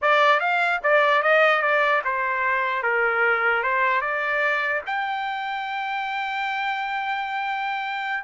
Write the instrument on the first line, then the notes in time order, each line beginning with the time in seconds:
trumpet
0.01 D5
0.40 F5
0.83 D5
1.22 D#5
1.61 D5
2.04 C5
2.83 A#4
3.63 C5
4.01 D5
4.86 G5